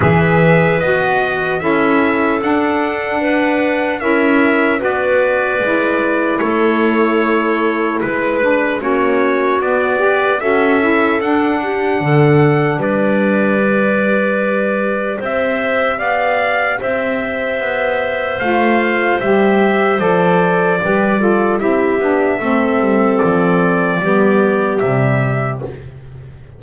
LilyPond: <<
  \new Staff \with { instrumentName = "trumpet" } { \time 4/4 \tempo 4 = 75 e''4 dis''4 e''4 fis''4~ | fis''4 e''4 d''2 | cis''2 b'4 cis''4 | d''4 e''4 fis''2 |
d''2. e''4 | f''4 e''2 f''4 | e''4 d''2 e''4~ | e''4 d''2 e''4 | }
  \new Staff \with { instrumentName = "clarinet" } { \time 4/4 b'2 a'2 | b'4 ais'4 b'2 | a'2 b'4 fis'4~ | fis'8 b'8 a'4. g'8 a'4 |
b'2. c''4 | d''4 c''2.~ | c''2 b'8 a'8 g'4 | a'2 g'2 | }
  \new Staff \with { instrumentName = "saxophone" } { \time 4/4 gis'4 fis'4 e'4 d'4~ | d'4 e'4 fis'4 e'4~ | e'2~ e'8 d'8 cis'4 | b8 g'8 fis'8 e'8 d'2~ |
d'4 g'2.~ | g'2. f'4 | g'4 a'4 g'8 f'8 e'8 d'8 | c'2 b4 g4 | }
  \new Staff \with { instrumentName = "double bass" } { \time 4/4 e4 b4 cis'4 d'4~ | d'4 cis'4 b4 gis4 | a2 gis4 ais4 | b4 cis'4 d'4 d4 |
g2. c'4 | b4 c'4 b4 a4 | g4 f4 g4 c'8 b8 | a8 g8 f4 g4 c4 | }
>>